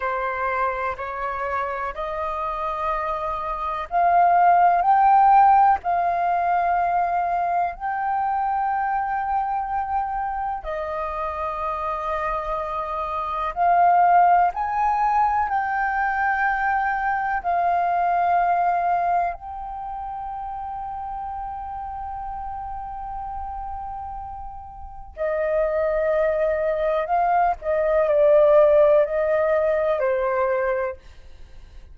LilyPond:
\new Staff \with { instrumentName = "flute" } { \time 4/4 \tempo 4 = 62 c''4 cis''4 dis''2 | f''4 g''4 f''2 | g''2. dis''4~ | dis''2 f''4 gis''4 |
g''2 f''2 | g''1~ | g''2 dis''2 | f''8 dis''8 d''4 dis''4 c''4 | }